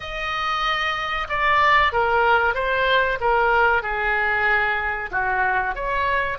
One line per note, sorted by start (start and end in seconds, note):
0.00 1.27 D#5
1.28 1.92 D5
1.92 2.54 A#4
2.54 3.18 C5
3.20 3.82 A#4
3.82 5.10 G#4
5.11 5.75 F#4
5.75 6.38 C#5